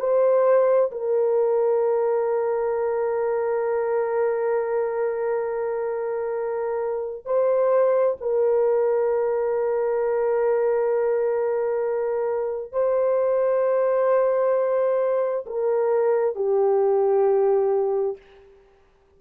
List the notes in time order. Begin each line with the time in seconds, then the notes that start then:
0.00 C5
0.92 A#4
7.26 C5
8.21 A#4
12.72 C5
15.46 A#4
16.36 G4